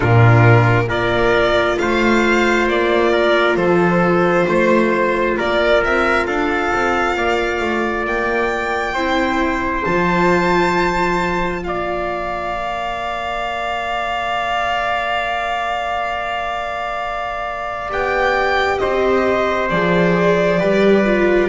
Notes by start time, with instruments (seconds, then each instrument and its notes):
0.00 double bass A#2, viola D4, trumpet F4, violin A#4
0.88 double bass A#3, viola F4, trumpet A#4, violin D5
1.78 double bass A3, trumpet C5, violin F5
2.67 double bass A#3, violin D5
3.12 trumpet A#4
3.55 double bass F3, trumpet A4, violin C5
4.48 double bass A3, trumpet C5
5.37 double bass A#3, trumpet A#4, violin D5
5.83 double bass C4, violin E5
6.26 double bass D4, trumpet A4, violin F5
6.74 double bass C4
7.16 double bass A#3, trumpet D5
7.60 double bass A3
8.05 double bass A#3, violin G5
8.93 double bass C4, viola E4, trumpet C5
9.84 double bass F3, viola F4, violin A5
11.63 double bass A#3, trumpet D5, violin F5
12.53 viola A#4
17.89 double bass B3, viola G4, violin G5
18.78 double bass C4, trumpet C5, violin D#5
19.69 double bass F3, viola G#4, violin D5
20.59 double bass G3, viola G4, trumpet B4
21.06 viola F4